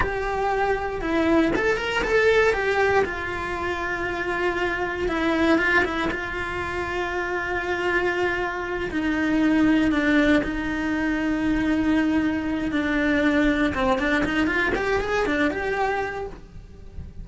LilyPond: \new Staff \with { instrumentName = "cello" } { \time 4/4 \tempo 4 = 118 g'2 e'4 a'8 ais'8 | a'4 g'4 f'2~ | f'2 e'4 f'8 e'8 | f'1~ |
f'4. dis'2 d'8~ | d'8 dis'2.~ dis'8~ | dis'4 d'2 c'8 d'8 | dis'8 f'8 g'8 gis'8 d'8 g'4. | }